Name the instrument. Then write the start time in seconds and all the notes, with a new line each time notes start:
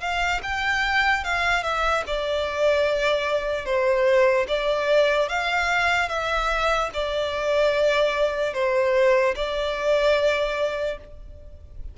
violin
0.00 F5
0.43 G5
1.24 F5
1.63 E5
2.06 D5
3.65 C5
4.48 D5
5.29 F5
6.08 E5
6.93 D5
8.54 C5
9.35 D5